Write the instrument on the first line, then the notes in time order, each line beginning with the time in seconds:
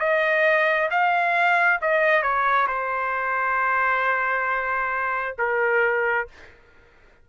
trumpet
0.00 D#5
0.91 F5
1.82 D#5
2.23 C#5
2.68 C5
5.39 A#4